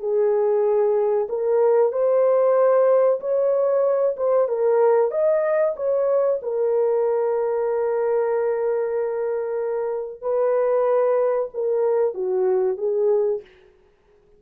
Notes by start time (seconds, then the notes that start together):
0.00 G#4
1.29 A#4
1.92 C5
3.20 C#5
4.16 C5
4.48 A#4
5.11 D#5
5.76 C#5
6.42 A#4
10.21 B4
11.54 A#4
12.14 F#4
12.77 G#4